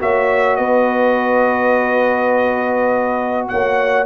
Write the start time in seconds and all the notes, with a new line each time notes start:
0.00 A#3 F#4 C#5 E5
0.56 B3 B4 D#5
3.48 A#3 C#5 F#5